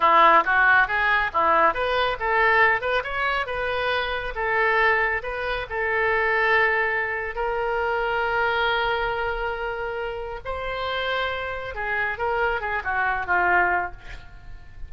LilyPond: \new Staff \with { instrumentName = "oboe" } { \time 4/4 \tempo 4 = 138 e'4 fis'4 gis'4 e'4 | b'4 a'4. b'8 cis''4 | b'2 a'2 | b'4 a'2.~ |
a'4 ais'2.~ | ais'1 | c''2. gis'4 | ais'4 gis'8 fis'4 f'4. | }